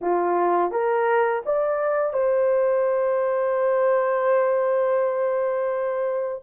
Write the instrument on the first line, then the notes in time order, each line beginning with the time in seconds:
horn
0.01 F4
0.71 A#4
1.45 D5
2.13 C5